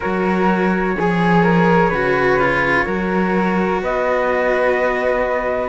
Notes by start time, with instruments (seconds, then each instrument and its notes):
0.00 cello F#3 F#4, flute A#4, trumpet C#5
0.95 cello F3 G#4, flute G#4
1.43 flute A#4
1.89 cello C#3 F#4, flute B4
2.39 cello F4
2.85 cello F#3 F#4, flute A#4
3.81 cello B3, flute B4, trumpet D#5